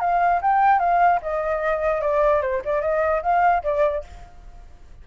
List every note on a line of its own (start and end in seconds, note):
0.00 0.41 F5
0.41 0.79 G5
0.79 1.20 F5
1.22 2.01 D#5
2.01 2.41 D5
2.41 2.62 C5
2.65 2.81 D5
2.81 3.22 D#5
3.22 3.63 F5
3.63 4.04 D5